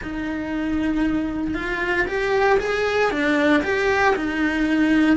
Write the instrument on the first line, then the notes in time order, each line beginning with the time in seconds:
cello
0.02 D#4
1.54 F4
2.07 G4
2.59 G#4
3.11 D4
3.63 G4
4.15 D#4